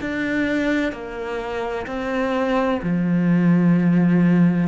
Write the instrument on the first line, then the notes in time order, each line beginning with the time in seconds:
cello
0.00 D4
0.92 A#3
1.86 C4
2.82 F3